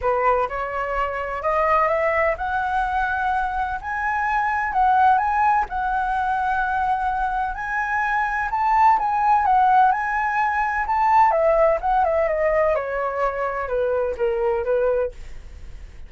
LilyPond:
\new Staff \with { instrumentName = "flute" } { \time 4/4 \tempo 4 = 127 b'4 cis''2 dis''4 | e''4 fis''2. | gis''2 fis''4 gis''4 | fis''1 |
gis''2 a''4 gis''4 | fis''4 gis''2 a''4 | e''4 fis''8 e''8 dis''4 cis''4~ | cis''4 b'4 ais'4 b'4 | }